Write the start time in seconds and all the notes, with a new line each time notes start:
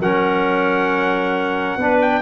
0.00 F#3 C#4 A#4 F#5
1.77 B3 D4 B4
2.01 G5